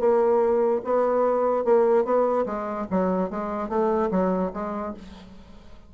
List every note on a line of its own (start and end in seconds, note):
0.00 0.82 A#3
0.84 1.65 B3
1.65 2.05 A#3
2.05 2.45 B3
2.46 2.87 G#3
2.91 3.30 F#3
3.30 3.69 G#3
3.69 4.10 A3
4.11 4.52 F#3
4.54 4.94 G#3